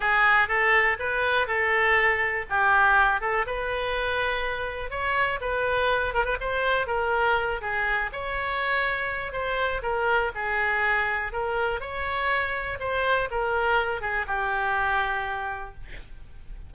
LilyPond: \new Staff \with { instrumentName = "oboe" } { \time 4/4 \tempo 4 = 122 gis'4 a'4 b'4 a'4~ | a'4 g'4. a'8 b'4~ | b'2 cis''4 b'4~ | b'8 ais'16 b'16 c''4 ais'4. gis'8~ |
gis'8 cis''2~ cis''8 c''4 | ais'4 gis'2 ais'4 | cis''2 c''4 ais'4~ | ais'8 gis'8 g'2. | }